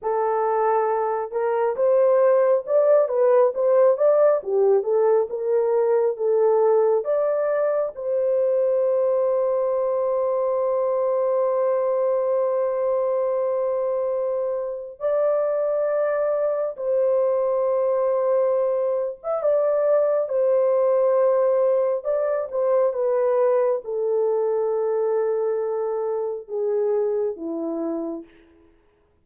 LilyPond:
\new Staff \with { instrumentName = "horn" } { \time 4/4 \tempo 4 = 68 a'4. ais'8 c''4 d''8 b'8 | c''8 d''8 g'8 a'8 ais'4 a'4 | d''4 c''2.~ | c''1~ |
c''4 d''2 c''4~ | c''4.~ c''16 e''16 d''4 c''4~ | c''4 d''8 c''8 b'4 a'4~ | a'2 gis'4 e'4 | }